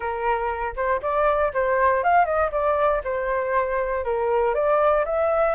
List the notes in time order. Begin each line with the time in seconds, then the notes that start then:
0.00 A#4
0.76 C5
1.02 D5
1.53 C5
2.03 F5
2.25 D#5
2.51 D5
3.04 C5
4.04 A#4
4.54 D5
5.05 E5